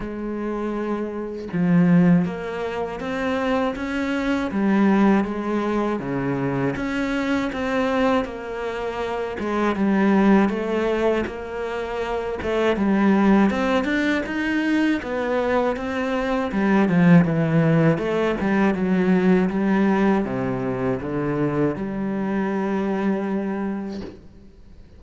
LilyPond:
\new Staff \with { instrumentName = "cello" } { \time 4/4 \tempo 4 = 80 gis2 f4 ais4 | c'4 cis'4 g4 gis4 | cis4 cis'4 c'4 ais4~ | ais8 gis8 g4 a4 ais4~ |
ais8 a8 g4 c'8 d'8 dis'4 | b4 c'4 g8 f8 e4 | a8 g8 fis4 g4 c4 | d4 g2. | }